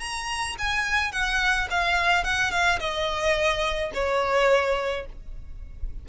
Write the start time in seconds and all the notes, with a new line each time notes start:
0.00 A#5
0.59 G#5
1.12 F#5
1.71 F5
2.24 F#5
2.51 F5
2.80 D#5
3.94 C#5